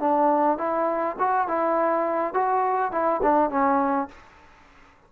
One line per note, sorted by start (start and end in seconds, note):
0.00 0.58 D4
0.58 1.16 E4
1.19 1.48 F#4
1.48 2.34 E4
2.34 2.92 F#4
2.92 3.21 E4
3.23 3.50 D4
3.50 4.08 C#4